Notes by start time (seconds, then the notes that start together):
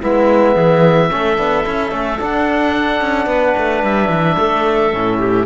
0.00 G#3 B3 E4 E5
0.54 E3 G#4
1.10 A3 C#4 A4
1.37 B3 D4
1.64 C#4 E4
1.90 A3 C#4
2.20 D4 F#5
3.01 C#4
3.27 B3 B4
3.57 A3
3.83 G3 E5
4.09 E3
4.38 A3 A4
4.92 A2 C#4
5.19 G4